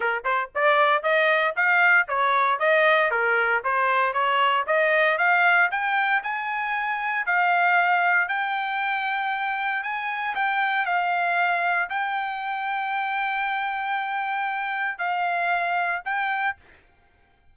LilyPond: \new Staff \with { instrumentName = "trumpet" } { \time 4/4 \tempo 4 = 116 ais'8 c''8 d''4 dis''4 f''4 | cis''4 dis''4 ais'4 c''4 | cis''4 dis''4 f''4 g''4 | gis''2 f''2 |
g''2. gis''4 | g''4 f''2 g''4~ | g''1~ | g''4 f''2 g''4 | }